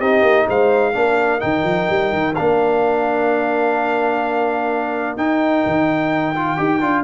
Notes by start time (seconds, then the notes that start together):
0.00 C4 D#4 G4 D#5
0.23 A#3
0.49 G#3 C5 F5
0.92 A#3 D4 A#4
1.40 D#3 D#4 G5
1.64 F3
1.90 G3
2.13 D#3
2.35 A#3 D4 F5
5.17 D#4 G5
5.66 D#3
6.35 F4
6.57 D#4 G4
6.81 D4 F4